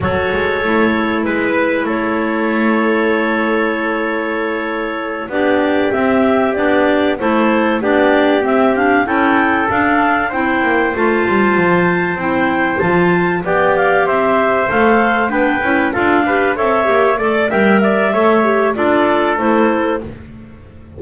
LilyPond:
<<
  \new Staff \with { instrumentName = "clarinet" } { \time 4/4 \tempo 4 = 96 cis''2 b'4 cis''4~ | cis''1~ | cis''8 d''4 e''4 d''4 c''8~ | c''8 d''4 e''8 f''8 g''4 f''8~ |
f''8 g''4 a''2 g''8~ | g''8 a''4 g''8 f''8 e''4 f''8~ | f''8 g''4 f''4 e''4 d''8 | g''8 e''4. d''4 c''4 | }
  \new Staff \with { instrumentName = "trumpet" } { \time 4/4 a'2 b'4 a'4~ | a'1~ | a'8 g'2. a'8~ | a'8 g'2 a'4.~ |
a'8 c''2.~ c''8~ | c''4. d''4 c''4.~ | c''8 b'4 a'8 b'8 cis''4 d''8 | e''8 d''8 cis''4 a'2 | }
  \new Staff \with { instrumentName = "clarinet" } { \time 4/4 fis'4 e'2.~ | e'1~ | e'8 d'4 c'4 d'4 e'8~ | e'8 d'4 c'8 d'8 e'4 d'8~ |
d'8 e'4 f'2 e'8~ | e'8 f'4 g'2 a'8~ | a'8 d'8 e'8 f'8 g'8 a'8 g'8 a'8 | ais'4 a'8 g'8 f'4 e'4 | }
  \new Staff \with { instrumentName = "double bass" } { \time 4/4 fis8 gis8 a4 gis4 a4~ | a1~ | a8 b4 c'4 b4 a8~ | a8 b4 c'4 cis'4 d'8~ |
d'8 c'8 ais8 a8 g8 f4 c'8~ | c'8 f4 b4 c'4 a8~ | a8 b8 cis'8 d'4 c'8 ais8 a8 | g4 a4 d'4 a4 | }
>>